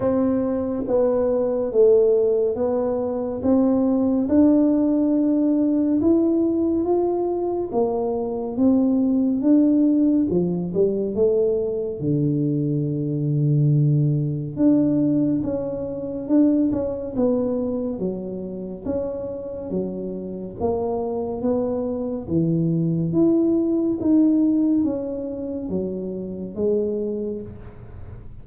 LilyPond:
\new Staff \with { instrumentName = "tuba" } { \time 4/4 \tempo 4 = 70 c'4 b4 a4 b4 | c'4 d'2 e'4 | f'4 ais4 c'4 d'4 | f8 g8 a4 d2~ |
d4 d'4 cis'4 d'8 cis'8 | b4 fis4 cis'4 fis4 | ais4 b4 e4 e'4 | dis'4 cis'4 fis4 gis4 | }